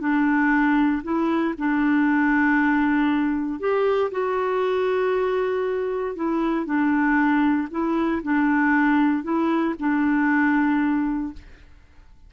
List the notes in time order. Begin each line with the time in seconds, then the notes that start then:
0.00 D4
1.03 E4
1.58 D4
3.60 G4
4.11 F#4
6.16 E4
6.66 D4
7.71 E4
8.23 D4
9.23 E4
9.79 D4